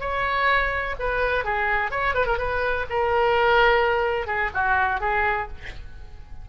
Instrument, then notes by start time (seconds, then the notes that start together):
oboe
0.00 C#5
0.99 B4
1.44 G#4
1.90 C#5
2.14 B4
2.26 A#4
2.38 B4
2.89 A#4
4.27 G#4
4.54 F#4
5.00 G#4